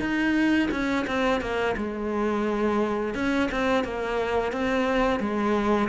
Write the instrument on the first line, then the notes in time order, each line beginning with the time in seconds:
cello
0.00 D#4
0.71 C#4
1.07 C4
1.41 A#3
1.77 G#3
3.15 C#4
3.51 C4
3.84 A#3
4.52 C4
5.20 G#3